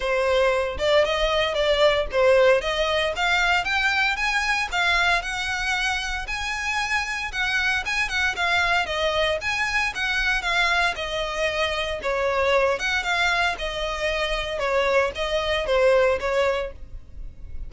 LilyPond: \new Staff \with { instrumentName = "violin" } { \time 4/4 \tempo 4 = 115 c''4. d''8 dis''4 d''4 | c''4 dis''4 f''4 g''4 | gis''4 f''4 fis''2 | gis''2 fis''4 gis''8 fis''8 |
f''4 dis''4 gis''4 fis''4 | f''4 dis''2 cis''4~ | cis''8 fis''8 f''4 dis''2 | cis''4 dis''4 c''4 cis''4 | }